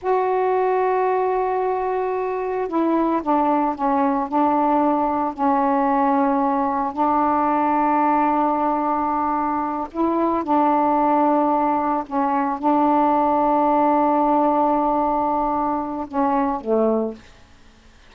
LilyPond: \new Staff \with { instrumentName = "saxophone" } { \time 4/4 \tempo 4 = 112 fis'1~ | fis'4 e'4 d'4 cis'4 | d'2 cis'2~ | cis'4 d'2.~ |
d'2~ d'8 e'4 d'8~ | d'2~ d'8 cis'4 d'8~ | d'1~ | d'2 cis'4 a4 | }